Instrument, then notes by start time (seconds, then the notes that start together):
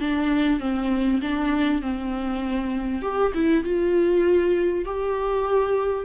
viola
0.00 D4
0.60 C4
1.21 D4
1.82 C4
3.02 G4
3.34 E4
3.64 F4
4.85 G4